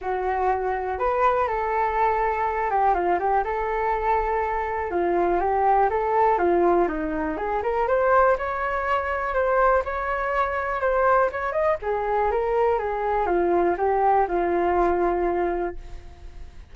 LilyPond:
\new Staff \with { instrumentName = "flute" } { \time 4/4 \tempo 4 = 122 fis'2 b'4 a'4~ | a'4. g'8 f'8 g'8 a'4~ | a'2 f'4 g'4 | a'4 f'4 dis'4 gis'8 ais'8 |
c''4 cis''2 c''4 | cis''2 c''4 cis''8 dis''8 | gis'4 ais'4 gis'4 f'4 | g'4 f'2. | }